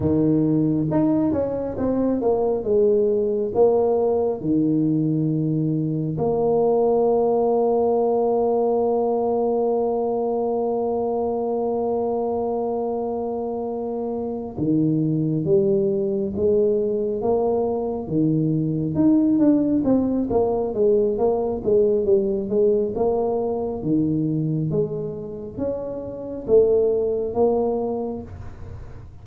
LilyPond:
\new Staff \with { instrumentName = "tuba" } { \time 4/4 \tempo 4 = 68 dis4 dis'8 cis'8 c'8 ais8 gis4 | ais4 dis2 ais4~ | ais1~ | ais1~ |
ais8 dis4 g4 gis4 ais8~ | ais8 dis4 dis'8 d'8 c'8 ais8 gis8 | ais8 gis8 g8 gis8 ais4 dis4 | gis4 cis'4 a4 ais4 | }